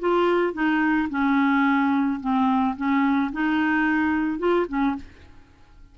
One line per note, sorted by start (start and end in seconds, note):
0.00 0.54 F4
0.54 1.09 D#4
1.10 2.20 C#4
2.21 2.76 C4
2.77 3.32 C#4
3.33 4.39 D#4
4.39 4.67 F4
4.69 4.96 C#4